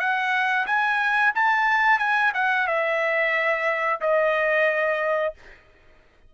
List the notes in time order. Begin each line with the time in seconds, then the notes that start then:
0.00 F#5
0.67 G#5
1.35 A5
1.99 G#5
2.35 F#5
2.68 E5
4.01 D#5